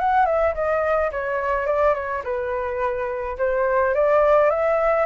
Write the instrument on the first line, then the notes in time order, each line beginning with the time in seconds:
flute
0.00 F#5
0.26 E5
0.55 D#5
1.12 C#5
1.67 D5
1.95 C#5
2.24 B4
3.38 C5
3.95 D5
4.50 E5